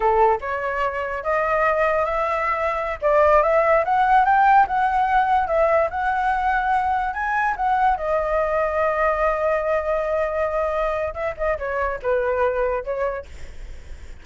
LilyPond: \new Staff \with { instrumentName = "flute" } { \time 4/4 \tempo 4 = 145 a'4 cis''2 dis''4~ | dis''4 e''2~ e''16 d''8.~ | d''16 e''4 fis''4 g''4 fis''8.~ | fis''4~ fis''16 e''4 fis''4.~ fis''16~ |
fis''4~ fis''16 gis''4 fis''4 dis''8.~ | dis''1~ | dis''2. e''8 dis''8 | cis''4 b'2 cis''4 | }